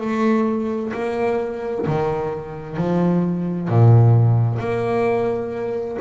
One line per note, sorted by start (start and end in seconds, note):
0.00 0.92 A3
0.93 1.85 A#3
1.86 2.77 D#3
2.77 3.68 F3
3.68 4.59 A#2
4.59 5.97 A#3